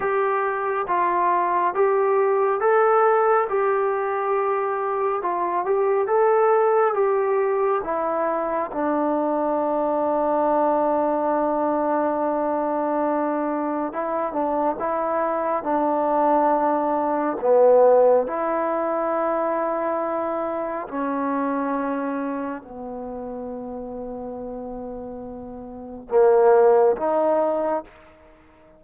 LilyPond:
\new Staff \with { instrumentName = "trombone" } { \time 4/4 \tempo 4 = 69 g'4 f'4 g'4 a'4 | g'2 f'8 g'8 a'4 | g'4 e'4 d'2~ | d'1 |
e'8 d'8 e'4 d'2 | b4 e'2. | cis'2 b2~ | b2 ais4 dis'4 | }